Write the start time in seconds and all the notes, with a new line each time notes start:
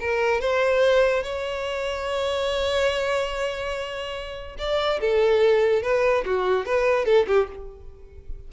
0.00 A#4
0.41 C5
1.23 C#5
4.59 D5
5.01 A4
5.83 B4
6.26 F#4
6.66 B4
7.05 A4
7.27 G4